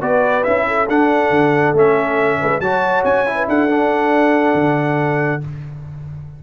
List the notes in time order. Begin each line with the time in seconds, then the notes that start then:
0.00 B3 F#4 B4 D5
0.43 C#4 E4 E5
0.67 A4
0.89 D4 F#5
1.31 D3
1.73 A3 C#4 E5
2.40 G#3 B4
2.60 F#3 F#4 C#5 A5
3.04 C#4 G#5
3.26 E4
3.36 B4
3.48 D4 A4 F#5
3.69 D4
4.54 D3